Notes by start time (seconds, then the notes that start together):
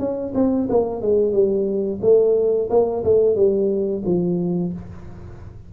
0.00 C#4
0.35 C4
0.70 A#3
1.02 G#3
1.33 G3
2.02 A3
2.70 A#3
3.04 A3
3.36 G3
4.06 F3